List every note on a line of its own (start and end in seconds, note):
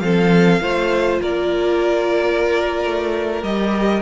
0.00 0.60 F3
0.00 0.61 C4
0.00 0.62 A4
0.00 1.19 F5
0.61 1.20 A3
0.61 3.43 F4
0.61 1.21 C5
1.21 2.85 A#3
1.21 4.02 A#4
1.21 3.43 D5
2.85 3.43 A3
3.43 4.02 G3
3.43 4.02 G4
3.43 4.02 D#5